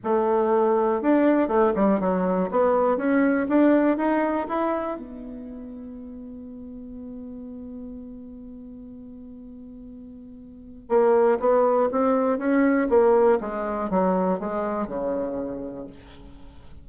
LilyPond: \new Staff \with { instrumentName = "bassoon" } { \time 4/4 \tempo 4 = 121 a2 d'4 a8 g8 | fis4 b4 cis'4 d'4 | dis'4 e'4 b2~ | b1~ |
b1~ | b2 ais4 b4 | c'4 cis'4 ais4 gis4 | fis4 gis4 cis2 | }